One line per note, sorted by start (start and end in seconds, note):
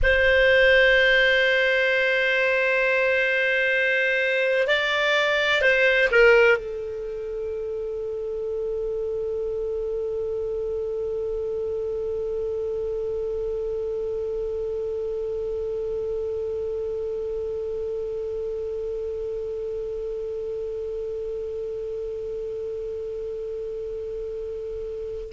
0.03 4.67 C5
4.67 5.61 D5
5.61 6.08 C5
6.11 6.57 A#4
6.57 25.32 A4